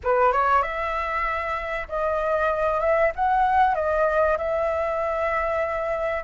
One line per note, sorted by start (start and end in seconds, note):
0.03 0.32 B4
0.32 0.62 C#5
0.62 1.87 E5
1.88 2.80 D#5
2.80 3.11 E5
3.15 3.74 F#5
3.74 4.37 D#5
4.37 6.23 E5